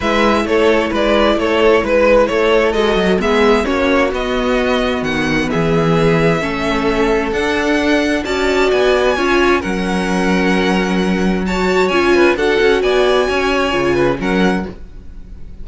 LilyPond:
<<
  \new Staff \with { instrumentName = "violin" } { \time 4/4 \tempo 4 = 131 e''4 cis''4 d''4 cis''4 | b'4 cis''4 dis''4 e''4 | cis''4 dis''2 fis''4 | e''1 |
fis''2 a''4 gis''4~ | gis''4 fis''2.~ | fis''4 a''4 gis''4 fis''4 | gis''2. fis''4 | }
  \new Staff \with { instrumentName = "violin" } { \time 4/4 b'4 a'4 b'4 a'4 | b'4 a'2 gis'4 | fis'1 | gis'2 a'2~ |
a'2 d''2 | cis''4 ais'2.~ | ais'4 cis''4. b'8 a'4 | d''4 cis''4. b'8 ais'4 | }
  \new Staff \with { instrumentName = "viola" } { \time 4/4 e'1~ | e'2 fis'4 b4 | cis'4 b2.~ | b2 cis'2 |
d'2 fis'2 | f'4 cis'2.~ | cis'4 fis'4 f'4 fis'4~ | fis'2 f'4 cis'4 | }
  \new Staff \with { instrumentName = "cello" } { \time 4/4 gis4 a4 gis4 a4 | gis4 a4 gis8 fis8 gis4 | ais4 b2 dis4 | e2 a2 |
d'2 cis'4 b4 | cis'4 fis2.~ | fis2 cis'4 d'8 cis'8 | b4 cis'4 cis4 fis4 | }
>>